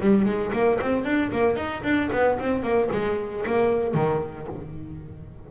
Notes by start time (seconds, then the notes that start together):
0.00 G3
0.25 G#3
0.52 A#3
0.81 C4
1.04 D4
1.32 A#3
1.56 D#4
1.83 D4
2.12 B3
2.39 C4
2.62 A#3
2.92 G#3
3.46 A#3
3.94 D#3